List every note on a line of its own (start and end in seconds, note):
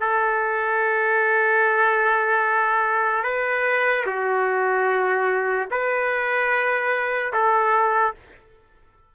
0.00 3.24 A4
3.24 4.05 B4
4.06 5.68 F#4
5.71 7.33 B4
7.33 8.14 A4